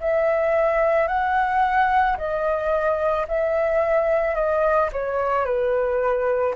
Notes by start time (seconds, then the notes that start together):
0.00 E5
1.08 F#5
2.17 D#5
3.28 E5
4.35 D#5
4.92 C#5
5.45 B4